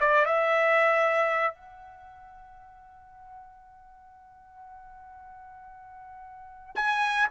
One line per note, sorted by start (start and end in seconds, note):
0.00 0.25 D5
0.25 1.54 E5
1.54 6.75 F#5
6.75 7.27 G#5